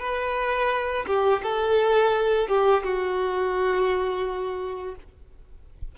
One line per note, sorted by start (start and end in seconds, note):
0.00 1.06 B4
1.07 1.43 G4
1.43 2.49 A4
2.49 2.84 G4
2.84 4.96 F#4